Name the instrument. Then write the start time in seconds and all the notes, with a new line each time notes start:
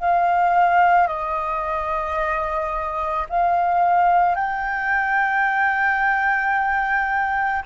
flute
0.00 F5
1.08 D#5
3.30 F5
4.36 G5